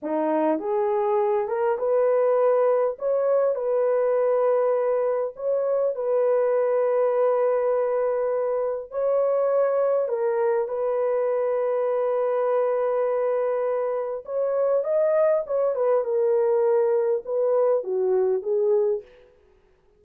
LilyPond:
\new Staff \with { instrumentName = "horn" } { \time 4/4 \tempo 4 = 101 dis'4 gis'4. ais'8 b'4~ | b'4 cis''4 b'2~ | b'4 cis''4 b'2~ | b'2. cis''4~ |
cis''4 ais'4 b'2~ | b'1 | cis''4 dis''4 cis''8 b'8 ais'4~ | ais'4 b'4 fis'4 gis'4 | }